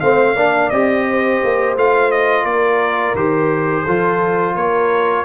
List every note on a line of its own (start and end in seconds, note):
0.00 0.35 A3
0.00 0.35 C4
0.00 0.35 C5
0.00 0.70 F5
0.35 0.70 A#3
0.35 0.72 D4
0.35 1.05 D5
0.70 1.41 C4
0.70 1.76 G4
0.70 1.74 D#5
1.09 2.46 C5
1.43 1.75 A#3
1.75 2.44 A3
1.75 3.16 F4
1.75 2.11 F5
2.11 2.45 D#5
2.44 3.13 A#3
2.44 3.84 A#4
2.44 3.15 D5
3.14 3.83 D#3
3.14 3.86 G4
3.14 4.55 C5
3.84 4.55 F3
3.84 5.25 F4
3.84 4.53 A4
4.55 5.24 A#3
4.55 5.25 A#4
4.55 5.25 C#5